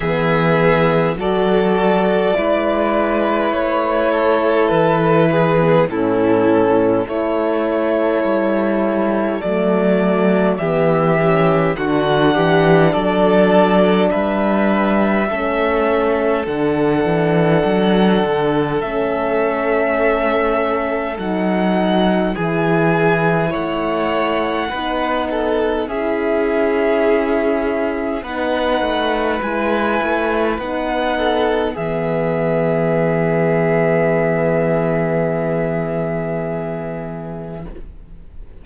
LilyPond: <<
  \new Staff \with { instrumentName = "violin" } { \time 4/4 \tempo 4 = 51 e''4 d''2 cis''4 | b'4 a'4 cis''2 | d''4 e''4 fis''4 d''4 | e''2 fis''2 |
e''2 fis''4 gis''4 | fis''2 e''2 | fis''4 gis''4 fis''4 e''4~ | e''1 | }
  \new Staff \with { instrumentName = "violin" } { \time 4/4 gis'4 a'4 b'4. a'8~ | a'8 gis'8 e'4 a'2~ | a'4 g'4 fis'8 g'8 a'4 | b'4 a'2.~ |
a'2. gis'4 | cis''4 b'8 a'8 gis'2 | b'2~ b'8 a'8 gis'4~ | gis'1 | }
  \new Staff \with { instrumentName = "horn" } { \time 4/4 b4 fis'4 e'2~ | e'8. b16 cis'4 e'2 | a4 b8 cis'8 d'2~ | d'4 cis'4 d'2 |
cis'2 dis'4 e'4~ | e'4 dis'4 e'2 | dis'4 e'4 dis'4 b4~ | b1 | }
  \new Staff \with { instrumentName = "cello" } { \time 4/4 e4 fis4 gis4 a4 | e4 a,4 a4 g4 | fis4 e4 d8 e8 fis4 | g4 a4 d8 e8 fis8 d8 |
a2 fis4 e4 | a4 b4 cis'2 | b8 a8 gis8 a8 b4 e4~ | e1 | }
>>